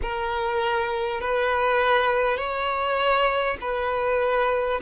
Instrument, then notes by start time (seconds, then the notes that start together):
violin
0.02 A#4
1.20 B4
2.37 C#5
3.60 B4